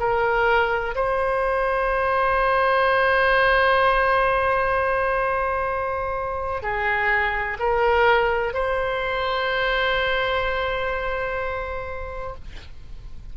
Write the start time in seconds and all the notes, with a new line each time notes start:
0.00 A#4
0.96 C5
6.63 G#4
7.60 A#4
8.54 C5